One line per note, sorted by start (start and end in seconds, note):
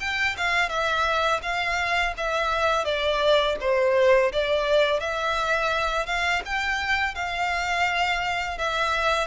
0.00 0.36 G5
0.37 0.69 F5
0.69 1.41 E5
1.43 2.14 F5
2.17 2.84 E5
2.84 3.56 D5
3.60 4.32 C5
4.32 5.00 D5
5.00 6.06 E5
6.06 6.42 F5
6.45 7.15 G5
7.15 8.58 F5
8.58 9.27 E5